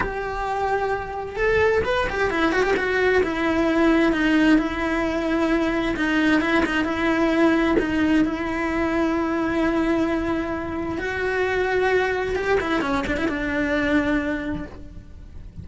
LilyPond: \new Staff \with { instrumentName = "cello" } { \time 4/4 \tempo 4 = 131 g'2. a'4 | b'8 g'8 e'8 fis'16 g'16 fis'4 e'4~ | e'4 dis'4 e'2~ | e'4 dis'4 e'8 dis'8 e'4~ |
e'4 dis'4 e'2~ | e'1 | fis'2. g'8 e'8 | cis'8 d'16 e'16 d'2. | }